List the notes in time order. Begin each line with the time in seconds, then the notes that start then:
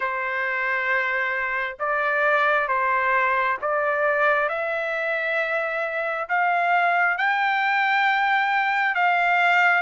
0.00 C5
1.79 D5
2.68 C5
3.61 D5
4.49 E5
6.28 F5
7.17 G5
8.94 F5